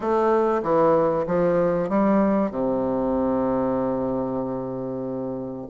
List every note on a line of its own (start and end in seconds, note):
0.00 0.61 A3
0.62 1.25 E3
1.27 1.89 F3
1.89 2.50 G3
2.50 5.66 C3